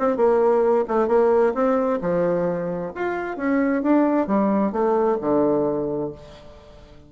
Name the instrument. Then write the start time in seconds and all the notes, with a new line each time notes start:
bassoon
0.00 C4
0.17 A#3
0.88 A3
1.08 A#3
1.55 C4
2.02 F3
2.95 F4
3.37 C#4
3.83 D4
4.27 G3
4.73 A3
5.21 D3